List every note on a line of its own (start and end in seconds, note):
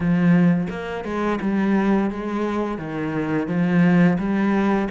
0.00 0.67 F3
0.69 1.04 A#3
1.04 1.39 G#3
1.41 2.10 G3
2.10 2.78 G#3
2.78 3.47 D#3
3.47 4.17 F3
4.18 4.88 G3